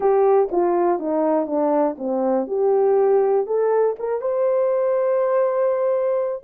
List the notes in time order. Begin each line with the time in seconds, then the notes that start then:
0.00 G4
0.51 F4
0.99 D#4
1.46 D4
1.97 C4
2.47 G4
3.46 A4
3.99 A#4
4.21 C5